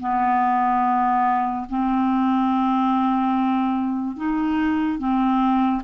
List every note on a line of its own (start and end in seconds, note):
0.00 1.67 B3
1.70 4.17 C4
4.17 4.99 D#4
4.99 5.82 C4